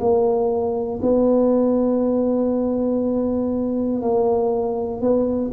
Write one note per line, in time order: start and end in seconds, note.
0.00 1.00 A#3
1.03 4.02 B3
4.02 5.01 A#3
5.01 5.51 B3